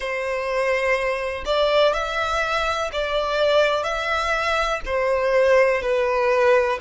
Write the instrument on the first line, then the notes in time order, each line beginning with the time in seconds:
violin
0.00 C5
1.45 D5
1.94 E5
2.92 D5
3.83 E5
4.85 C5
5.82 B4